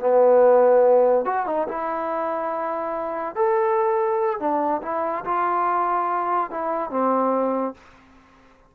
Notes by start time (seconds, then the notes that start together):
0.00 B3
1.25 F#4
1.47 D#4
1.68 E4
3.36 A4
4.40 D4
4.83 E4
5.25 F4
6.51 E4
6.90 C4